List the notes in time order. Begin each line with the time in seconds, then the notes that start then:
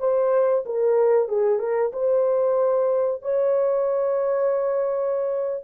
0.00 C5
0.66 A#4
1.29 G#4
1.60 A#4
1.93 C5
3.22 C#5